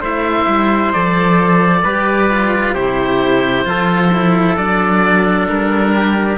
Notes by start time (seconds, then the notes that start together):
0.00 A3 E4 C5 E5
0.47 G3
0.93 F3 A4 D5
1.82 G3 G4 B4
2.30 F4
2.74 C3 E4 G4 C5
3.64 F3 F4 A4
4.12 E4
4.57 F#3 D4 D5
5.49 G3 A#4
5.95 G4